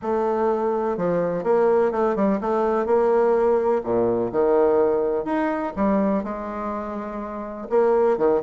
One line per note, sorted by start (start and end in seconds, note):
0.01 0.97 A3
0.97 1.43 F3
1.43 1.91 A#3
1.91 2.15 A3
2.15 2.39 G3
2.40 2.86 A3
2.86 3.82 A#3
3.83 4.31 A#2
4.32 5.25 D#3
5.25 5.73 D#4
5.76 6.23 G3
6.23 7.67 G#3
7.69 8.17 A#3
8.17 8.41 D#3